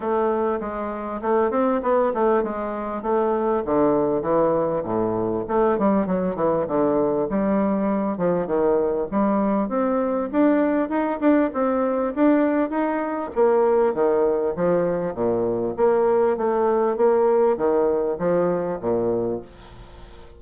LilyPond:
\new Staff \with { instrumentName = "bassoon" } { \time 4/4 \tempo 4 = 99 a4 gis4 a8 c'8 b8 a8 | gis4 a4 d4 e4 | a,4 a8 g8 fis8 e8 d4 | g4. f8 dis4 g4 |
c'4 d'4 dis'8 d'8 c'4 | d'4 dis'4 ais4 dis4 | f4 ais,4 ais4 a4 | ais4 dis4 f4 ais,4 | }